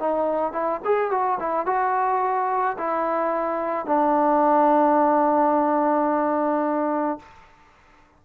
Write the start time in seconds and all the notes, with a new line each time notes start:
0.00 D#4
0.53 E4
0.85 G#4
1.11 F#4
1.40 E4
1.66 F#4
2.79 E4
3.86 D4